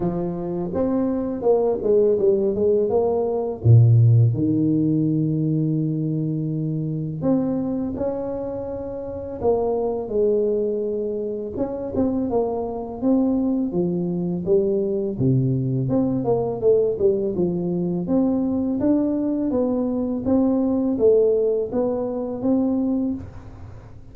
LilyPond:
\new Staff \with { instrumentName = "tuba" } { \time 4/4 \tempo 4 = 83 f4 c'4 ais8 gis8 g8 gis8 | ais4 ais,4 dis2~ | dis2 c'4 cis'4~ | cis'4 ais4 gis2 |
cis'8 c'8 ais4 c'4 f4 | g4 c4 c'8 ais8 a8 g8 | f4 c'4 d'4 b4 | c'4 a4 b4 c'4 | }